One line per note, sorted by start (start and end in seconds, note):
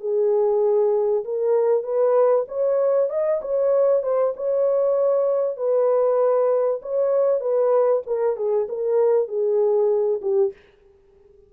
0.00 1.24 G#4
1.24 1.83 A#4
1.83 2.45 B4
2.48 3.10 C#5
3.10 3.40 D#5
3.41 4.03 C#5
4.03 4.34 C5
4.36 5.57 C#5
5.57 6.80 B4
6.82 7.40 C#5
7.40 8.02 B4
8.06 8.36 A#4
8.36 8.67 G#4
8.69 9.28 A#4
9.28 10.21 G#4
10.21 10.52 G4